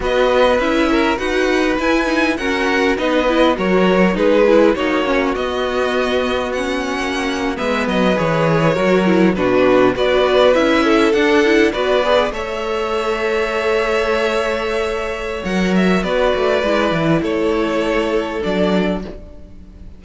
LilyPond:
<<
  \new Staff \with { instrumentName = "violin" } { \time 4/4 \tempo 4 = 101 dis''4 e''4 fis''4 gis''4 | fis''4 dis''4 cis''4 b'4 | cis''4 dis''2 fis''4~ | fis''8. e''8 dis''8 cis''2 b'16~ |
b'8. d''4 e''4 fis''4 d''16~ | d''8. e''2.~ e''16~ | e''2 fis''8 e''8 d''4~ | d''4 cis''2 d''4 | }
  \new Staff \with { instrumentName = "violin" } { \time 4/4 b'4. ais'8 b'2 | ais'4 b'4 ais'4 gis'4 | fis'1~ | fis'8. b'2 ais'4 fis'16~ |
fis'8. b'4. a'4. b'16~ | b'8. cis''2.~ cis''16~ | cis''2. b'4~ | b'4 a'2. | }
  \new Staff \with { instrumentName = "viola" } { \time 4/4 fis'4 e'4 fis'4 e'8 dis'8 | cis'4 dis'8 e'8 fis'4 dis'8 e'8 | dis'8 cis'8 b2 cis'4~ | cis'8. b4 gis'4 fis'8 e'8 d'16~ |
d'8. fis'4 e'4 d'8 e'8 fis'16~ | fis'16 gis'8 a'2.~ a'16~ | a'2 ais'4 fis'4 | e'2. d'4 | }
  \new Staff \with { instrumentName = "cello" } { \time 4/4 b4 cis'4 dis'4 e'4 | fis'4 b4 fis4 gis4 | ais4 b2~ b8. ais16~ | ais8. gis8 fis8 e4 fis4 b,16~ |
b,8. b4 cis'4 d'4 b16~ | b8. a2.~ a16~ | a2 fis4 b8 a8 | gis8 e8 a2 fis4 | }
>>